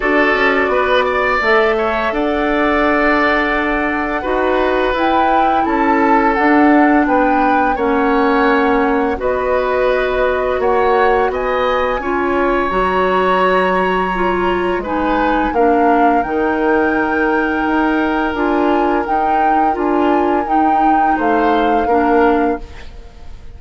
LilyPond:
<<
  \new Staff \with { instrumentName = "flute" } { \time 4/4 \tempo 4 = 85 d''2 e''4 fis''4~ | fis''2. g''4 | a''4 fis''4 g''4 fis''4~ | fis''4 dis''2 fis''4 |
gis''2 ais''2~ | ais''4 gis''4 f''4 g''4~ | g''2 gis''4 g''4 | gis''4 g''4 f''2 | }
  \new Staff \with { instrumentName = "oboe" } { \time 4/4 a'4 b'8 d''4 cis''8 d''4~ | d''2 b'2 | a'2 b'4 cis''4~ | cis''4 b'2 cis''4 |
dis''4 cis''2.~ | cis''4 b'4 ais'2~ | ais'1~ | ais'2 c''4 ais'4 | }
  \new Staff \with { instrumentName = "clarinet" } { \time 4/4 fis'2 a'2~ | a'2 fis'4 e'4~ | e'4 d'2 cis'4~ | cis'4 fis'2.~ |
fis'4 f'4 fis'2 | f'4 dis'4 d'4 dis'4~ | dis'2 f'4 dis'4 | f'4 dis'2 d'4 | }
  \new Staff \with { instrumentName = "bassoon" } { \time 4/4 d'8 cis'8 b4 a4 d'4~ | d'2 dis'4 e'4 | cis'4 d'4 b4 ais4~ | ais4 b2 ais4 |
b4 cis'4 fis2~ | fis4 gis4 ais4 dis4~ | dis4 dis'4 d'4 dis'4 | d'4 dis'4 a4 ais4 | }
>>